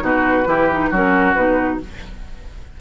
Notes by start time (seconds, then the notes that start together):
0.00 B2 D#4 F#4 B4
0.46 E3 E4 G4
0.71 D#4
0.91 F#3 C#4 F#4 A#4
1.34 B2 D#4 B4